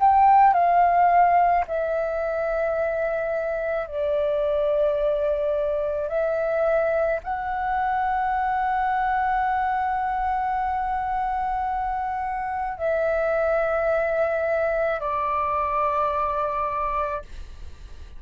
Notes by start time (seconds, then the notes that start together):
0.00 G5
0.54 F5
1.68 E5
3.87 D5
6.09 E5
7.24 F#5
12.78 E5
15.01 D5